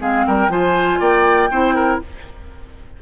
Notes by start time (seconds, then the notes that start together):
0.00 G#3 C4 G#4 F5
0.27 G3 A#4 G5
0.49 F3 F4 C5 G#5
1.00 A#3 D5 G5
1.51 C4 E4 C5
1.75 A#4